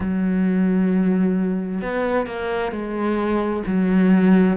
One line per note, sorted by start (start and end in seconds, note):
0.00 1.81 F#3
1.81 2.26 B3
2.26 2.71 A#3
2.71 3.62 G#3
3.66 4.57 F#3